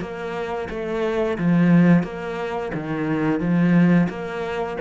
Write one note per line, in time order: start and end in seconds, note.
0.00 0.68 A#3
0.69 1.37 A3
1.38 2.03 F3
2.03 2.71 A#3
2.74 3.40 D#3
3.40 4.08 F3
4.09 4.77 A#3